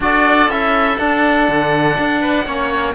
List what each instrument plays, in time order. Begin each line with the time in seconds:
0.00 cello D4, trombone F#4, oboe A4 D5
0.48 cello C#4, trombone E4, oboe E5
0.97 trombone D4, cello D4, oboe F#5
1.48 cello D3
1.98 cello D4
2.21 oboe B4
2.45 cello A#3, trombone C#4, oboe C#5